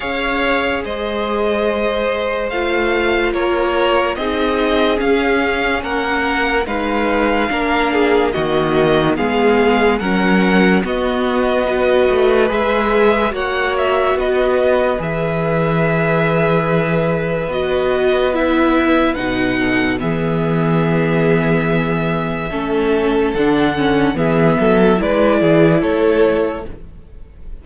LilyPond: <<
  \new Staff \with { instrumentName = "violin" } { \time 4/4 \tempo 4 = 72 f''4 dis''2 f''4 | cis''4 dis''4 f''4 fis''4 | f''2 dis''4 f''4 | fis''4 dis''2 e''4 |
fis''8 e''8 dis''4 e''2~ | e''4 dis''4 e''4 fis''4 | e''1 | fis''4 e''4 d''4 cis''4 | }
  \new Staff \with { instrumentName = "violin" } { \time 4/4 cis''4 c''2. | ais'4 gis'2 ais'4 | b'4 ais'8 gis'8 fis'4 gis'4 | ais'4 fis'4 b'2 |
cis''4 b'2.~ | b'2.~ b'8 a'8 | gis'2. a'4~ | a'4 gis'8 a'8 b'8 gis'8 a'4 | }
  \new Staff \with { instrumentName = "viola" } { \time 4/4 gis'2. f'4~ | f'4 dis'4 cis'2 | dis'4 d'4 ais4 b4 | cis'4 b4 fis'4 gis'4 |
fis'2 gis'2~ | gis'4 fis'4 e'4 dis'4 | b2. cis'4 | d'8 cis'8 b4 e'2 | }
  \new Staff \with { instrumentName = "cello" } { \time 4/4 cis'4 gis2 a4 | ais4 c'4 cis'4 ais4 | gis4 ais4 dis4 gis4 | fis4 b4. a8 gis4 |
ais4 b4 e2~ | e4 b2 b,4 | e2. a4 | d4 e8 fis8 gis8 e8 a4 | }
>>